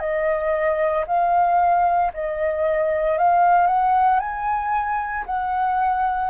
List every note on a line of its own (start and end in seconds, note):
0.00 1.05 D#5
1.07 2.12 F5
2.14 3.18 D#5
3.18 3.67 F5
3.67 4.20 F#5
4.20 5.25 G#5
5.26 6.31 F#5